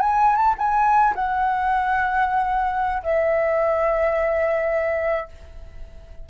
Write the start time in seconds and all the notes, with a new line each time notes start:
0.00 G#5
0.35 A5
0.58 G#5
1.15 F#5
3.03 E5